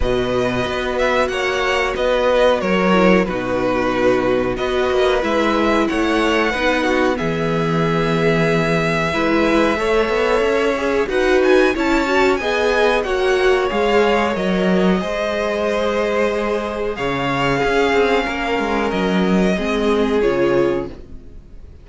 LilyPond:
<<
  \new Staff \with { instrumentName = "violin" } { \time 4/4 \tempo 4 = 92 dis''4. e''8 fis''4 dis''4 | cis''4 b'2 dis''4 | e''4 fis''2 e''4~ | e''1~ |
e''4 fis''8 gis''8 a''4 gis''4 | fis''4 f''4 dis''2~ | dis''2 f''2~ | f''4 dis''2 cis''4 | }
  \new Staff \with { instrumentName = "violin" } { \time 4/4 b'2 cis''4 b'4 | ais'4 fis'2 b'4~ | b'4 cis''4 b'8 fis'8 gis'4~ | gis'2 b'4 cis''4~ |
cis''4 b'4 cis''4 dis''4 | cis''2. c''4~ | c''2 cis''4 gis'4 | ais'2 gis'2 | }
  \new Staff \with { instrumentName = "viola" } { \time 4/4 fis'1~ | fis'8 e'8 dis'2 fis'4 | e'2 dis'4 b4~ | b2 e'4 a'4~ |
a'8 gis'8 fis'4 e'8 fis'8 gis'4 | fis'4 gis'4 ais'4 gis'4~ | gis'2. cis'4~ | cis'2 c'4 f'4 | }
  \new Staff \with { instrumentName = "cello" } { \time 4/4 b,4 b4 ais4 b4 | fis4 b,2 b8 ais8 | gis4 a4 b4 e4~ | e2 gis4 a8 b8 |
cis'4 dis'4 cis'4 b4 | ais4 gis4 fis4 gis4~ | gis2 cis4 cis'8 c'8 | ais8 gis8 fis4 gis4 cis4 | }
>>